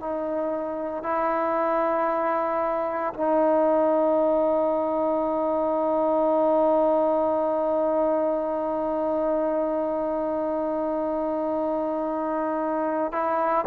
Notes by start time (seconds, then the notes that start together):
0.00 D#4
1.03 E4
3.14 D#4
13.12 E4